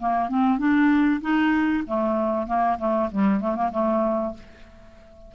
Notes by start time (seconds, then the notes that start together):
0.00 A#3
0.29 C4
0.59 D4
1.22 D#4
1.88 A3
2.47 A#3
2.79 A3
3.12 G3
3.41 A3
3.56 A#3
3.72 A3